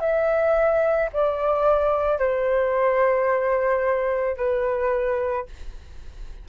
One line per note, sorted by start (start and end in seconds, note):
0.00 1.09 E5
1.13 2.19 D5
2.19 4.37 C5
4.37 5.46 B4